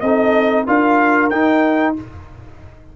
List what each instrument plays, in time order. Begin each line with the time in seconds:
0.00 tuba C4, trombone D#4, horn A4, trumpet D#5
0.66 tuba D4, trombone F4, horn A#4, trumpet F5
1.30 tuba D#4, trombone D#4, trumpet G5